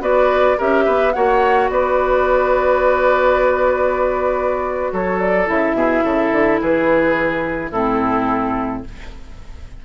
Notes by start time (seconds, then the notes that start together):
0.00 B3 F#4 B4 D5
0.57 C#4 G4 A#4 E5
0.84 B3 B4
1.13 A#3 F#4 C#5 F#5
1.70 B3 B4 D5
4.92 F#3 A4 C#5
5.21 D5
5.46 C#3 E4 E5
5.73 B2 G#4
6.04 C#3 A4
6.32 D3
6.61 E3 G#4 B4
7.71 A2 C4 E4 A4